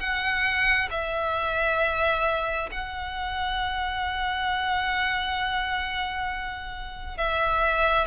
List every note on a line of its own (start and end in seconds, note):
0.00 0.90 F#5
0.91 2.70 E5
2.72 7.18 F#5
7.18 8.07 E5